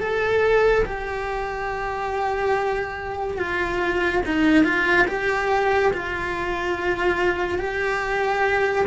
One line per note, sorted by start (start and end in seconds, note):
0.00 0.85 A4
0.85 3.38 G4
3.38 4.23 F4
4.26 4.64 D#4
4.64 5.07 F4
5.08 5.92 G4
5.93 7.59 F4
7.59 8.86 G4